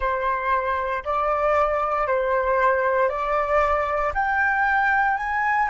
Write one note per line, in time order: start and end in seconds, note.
0.00 1.03 C5
1.04 2.07 D5
2.07 3.09 C5
3.09 4.12 D5
4.14 5.17 G5
5.17 5.68 G#5